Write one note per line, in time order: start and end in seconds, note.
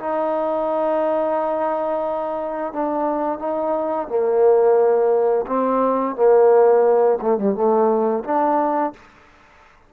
0.00 2.73 D#4
2.73 3.39 D4
3.39 4.08 D#4
4.08 5.46 A#3
5.47 6.16 C4
6.16 7.19 A#3
7.22 7.38 A3
7.38 7.55 G3
7.55 8.24 A3
8.24 8.93 D4